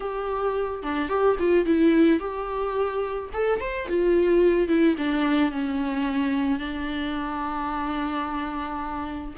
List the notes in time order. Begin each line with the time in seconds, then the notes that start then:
0.00 G4
0.82 D4
1.08 G4
1.39 F4
1.65 E4
2.19 G4
3.33 A4
3.60 C5
3.88 F4
4.68 E4
4.97 D4
5.51 C#4
6.59 D4